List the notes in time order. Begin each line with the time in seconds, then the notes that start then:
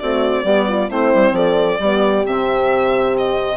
0.00 A3 C4 F#4 D5
0.44 G3 B3 G4
0.69 F4
0.89 A3 C4 E4 C5
1.15 G3
1.32 F3 A4 D5
1.80 G3 B3 G4
2.25 C3 C4 E5
3.18 D#5